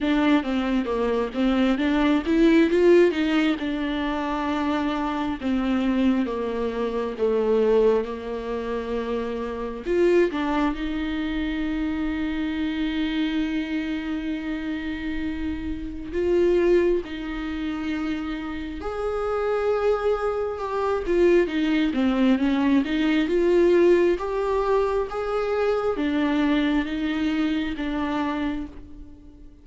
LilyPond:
\new Staff \with { instrumentName = "viola" } { \time 4/4 \tempo 4 = 67 d'8 c'8 ais8 c'8 d'8 e'8 f'8 dis'8 | d'2 c'4 ais4 | a4 ais2 f'8 d'8 | dis'1~ |
dis'2 f'4 dis'4~ | dis'4 gis'2 g'8 f'8 | dis'8 c'8 cis'8 dis'8 f'4 g'4 | gis'4 d'4 dis'4 d'4 | }